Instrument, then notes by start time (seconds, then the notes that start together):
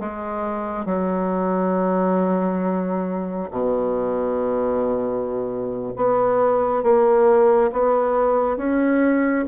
bassoon
0.00 G#3
0.85 F#3
3.51 B2
5.96 B3
6.83 A#3
7.72 B3
8.57 C#4